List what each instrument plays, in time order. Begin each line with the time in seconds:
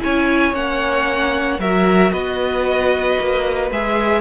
0.00 cello C#4, viola E4, violin C#5 G#5
0.53 cello A#3, viola C#4, violin F#5
1.59 cello F#3, viola F#4, violin A#4 E5
2.12 cello B3, violin B4 D#5
3.20 cello A#3
3.71 cello G#3, viola G#4, violin E5